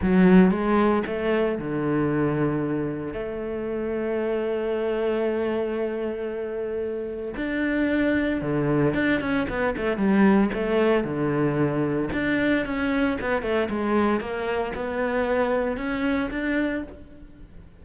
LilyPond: \new Staff \with { instrumentName = "cello" } { \time 4/4 \tempo 4 = 114 fis4 gis4 a4 d4~ | d2 a2~ | a1~ | a2 d'2 |
d4 d'8 cis'8 b8 a8 g4 | a4 d2 d'4 | cis'4 b8 a8 gis4 ais4 | b2 cis'4 d'4 | }